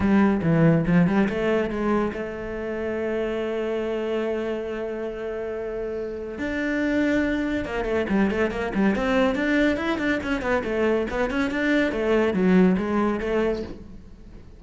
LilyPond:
\new Staff \with { instrumentName = "cello" } { \time 4/4 \tempo 4 = 141 g4 e4 f8 g8 a4 | gis4 a2.~ | a1~ | a2. d'4~ |
d'2 ais8 a8 g8 a8 | ais8 g8 c'4 d'4 e'8 d'8 | cis'8 b8 a4 b8 cis'8 d'4 | a4 fis4 gis4 a4 | }